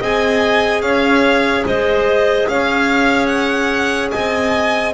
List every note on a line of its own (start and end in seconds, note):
0.00 0.82 C4
0.00 4.94 G#4
0.00 0.82 D#5
0.00 0.82 G#5
0.82 1.64 C#4
0.82 1.66 C#5
0.82 1.64 F5
1.66 2.48 G#3
1.66 2.48 C5
1.66 2.49 D#5
2.48 4.12 C#4
2.48 4.12 C#5
2.48 3.27 F5
3.27 4.09 F#5
4.11 4.94 C4
4.11 4.94 D#5
4.11 4.93 G#5